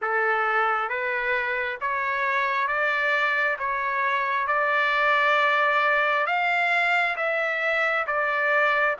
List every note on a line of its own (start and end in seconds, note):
0.01 0.89 A4
0.89 1.78 B4
1.81 2.67 C#5
2.67 3.57 D5
3.59 4.47 C#5
4.47 6.26 D5
6.26 7.16 F5
7.16 8.06 E5
8.06 8.96 D5